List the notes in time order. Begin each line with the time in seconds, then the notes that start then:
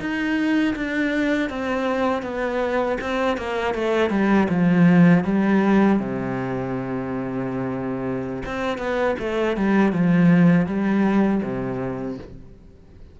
0.00 D#4
0.75 D4
1.50 C4
2.23 B3
3.01 C4
3.37 A#3
3.75 A3
4.10 G3
4.49 F3
5.24 G3
5.99 C3
8.45 C4
8.78 B3
9.19 A3
9.57 G3
9.92 F3
10.66 G3
11.43 C3